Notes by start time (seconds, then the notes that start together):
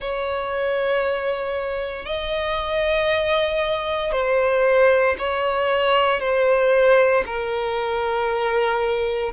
0.00 C#5
2.05 D#5
4.11 C5
5.18 C#5
6.20 C5
7.26 A#4